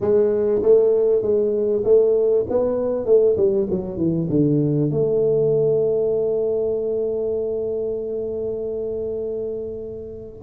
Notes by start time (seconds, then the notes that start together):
0.00 G#3
0.62 A3
1.22 G#3
1.84 A3
2.49 B3
3.05 A3
3.36 G3
3.70 F#3
3.97 E3
4.29 D3
4.91 A3